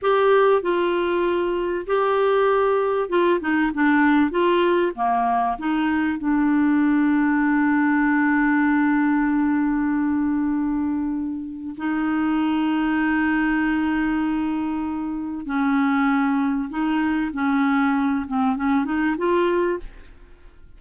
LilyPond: \new Staff \with { instrumentName = "clarinet" } { \time 4/4 \tempo 4 = 97 g'4 f'2 g'4~ | g'4 f'8 dis'8 d'4 f'4 | ais4 dis'4 d'2~ | d'1~ |
d'2. dis'4~ | dis'1~ | dis'4 cis'2 dis'4 | cis'4. c'8 cis'8 dis'8 f'4 | }